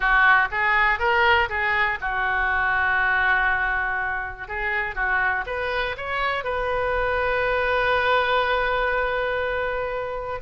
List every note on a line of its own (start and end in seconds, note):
0.00 0.48 F#4
0.51 0.99 G#4
0.99 1.48 A#4
1.49 1.98 G#4
2.00 4.48 F#4
4.48 4.95 G#4
4.95 5.44 F#4
5.46 5.95 B4
5.97 6.44 C#5
6.44 10.40 B4